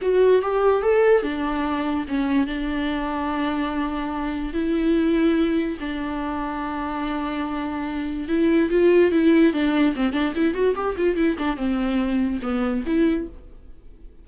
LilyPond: \new Staff \with { instrumentName = "viola" } { \time 4/4 \tempo 4 = 145 fis'4 g'4 a'4 d'4~ | d'4 cis'4 d'2~ | d'2. e'4~ | e'2 d'2~ |
d'1 | e'4 f'4 e'4 d'4 | c'8 d'8 e'8 fis'8 g'8 f'8 e'8 d'8 | c'2 b4 e'4 | }